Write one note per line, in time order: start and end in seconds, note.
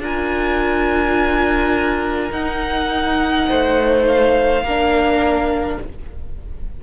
0.00 2.31 D4
0.00 2.31 F4
0.00 3.49 A#4
0.00 2.32 G#5
2.31 4.62 D#4
2.31 3.48 D#4
2.31 4.05 F#5
3.49 4.63 A3
3.49 4.64 C5
4.07 5.81 F5
4.63 5.78 A#3
4.63 5.84 D4
4.63 5.80 A#4